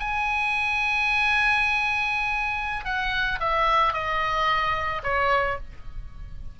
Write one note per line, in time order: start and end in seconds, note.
0.00 2.85 G#5
2.85 3.40 F#5
3.40 3.93 E5
3.93 5.02 D#5
5.03 5.58 C#5